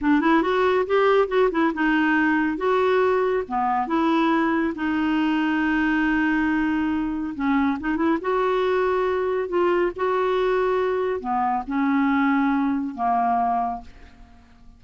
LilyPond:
\new Staff \with { instrumentName = "clarinet" } { \time 4/4 \tempo 4 = 139 d'8 e'8 fis'4 g'4 fis'8 e'8 | dis'2 fis'2 | b4 e'2 dis'4~ | dis'1~ |
dis'4 cis'4 dis'8 e'8 fis'4~ | fis'2 f'4 fis'4~ | fis'2 b4 cis'4~ | cis'2 ais2 | }